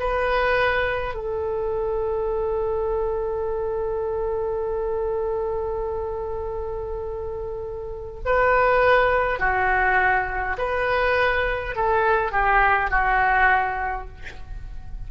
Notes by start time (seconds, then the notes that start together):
0.00 B4
1.15 A4
8.26 B4
9.40 F#4
10.59 B4
11.76 A4
12.32 G4
12.91 F#4